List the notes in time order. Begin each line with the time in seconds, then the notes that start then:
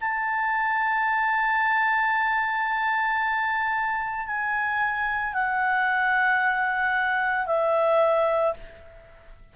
0.00 A5
4.26 G#5
5.33 F#5
7.46 E5